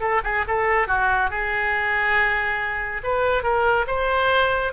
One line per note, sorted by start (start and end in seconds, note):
0.00 0.21 A4
0.23 0.45 G#4
0.47 0.87 A4
0.87 1.30 F#4
1.30 3.02 G#4
3.04 3.43 B4
3.43 3.86 A#4
3.87 4.72 C5